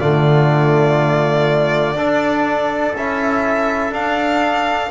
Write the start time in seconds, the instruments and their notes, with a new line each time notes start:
0.00 double bass D3, trombone A3, trumpet F4, violin D5
1.96 double bass D4, trombone D4, trumpet A4
2.95 double bass C#4, trombone E4, violin E5
3.91 double bass D4, trombone D4, violin F5